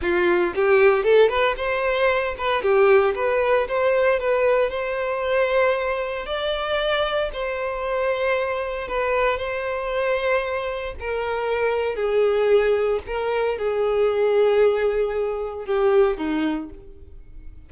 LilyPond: \new Staff \with { instrumentName = "violin" } { \time 4/4 \tempo 4 = 115 f'4 g'4 a'8 b'8 c''4~ | c''8 b'8 g'4 b'4 c''4 | b'4 c''2. | d''2 c''2~ |
c''4 b'4 c''2~ | c''4 ais'2 gis'4~ | gis'4 ais'4 gis'2~ | gis'2 g'4 dis'4 | }